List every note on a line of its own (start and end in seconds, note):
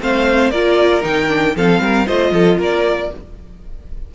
0.00 0.51 A3
0.00 0.52 C4
0.00 0.52 C5
0.00 0.51 F5
0.51 1.03 A#3
0.51 1.02 F4
0.51 1.55 A#4
0.51 1.02 D5
1.02 1.56 D#3
1.02 1.28 D#4
1.02 1.56 G5
1.28 1.54 D4
1.56 1.79 F3
1.56 2.07 C4
1.56 1.82 A4
1.56 2.07 F5
1.79 2.05 G3
1.79 2.06 A#4
2.06 2.31 A3
2.06 3.10 F4
2.06 2.32 C5
2.06 2.59 D#5
2.31 2.57 F3
2.31 2.59 A4
2.59 3.10 A#3
2.59 3.10 A#4
2.59 3.14 D5